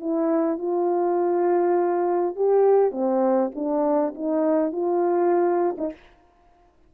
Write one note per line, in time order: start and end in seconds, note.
0.00 0.58 E4
0.58 2.36 F4
2.36 2.91 G4
2.91 3.50 C4
3.55 4.14 D4
4.14 4.72 D#4
4.72 5.76 F4
5.78 5.92 D#4